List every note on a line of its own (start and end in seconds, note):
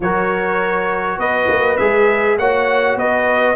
0.00 1.17 F#3
0.00 1.79 F#4
0.00 1.19 A#4
0.00 1.19 C#5
1.17 1.47 B3
1.17 2.38 B4
1.17 1.77 D#5
1.48 1.78 A#3
1.77 2.38 G#3
1.77 2.38 G#4
1.77 2.36 E5
2.38 2.95 A#3
2.38 3.55 F#4
2.38 2.97 C#5
2.38 2.98 F#5
2.95 3.55 B3
2.95 3.55 B4
2.95 3.55 D#5